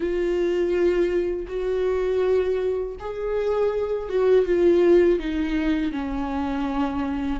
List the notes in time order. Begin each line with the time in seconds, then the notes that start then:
0.00 F4
1.47 F#4
2.99 G#4
4.09 F#4
4.45 F4
5.19 D#4
5.92 C#4